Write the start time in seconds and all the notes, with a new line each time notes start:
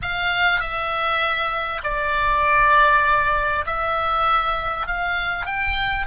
0.02 F5
0.60 E5
1.83 D5
3.66 E5
4.87 F5
5.45 G5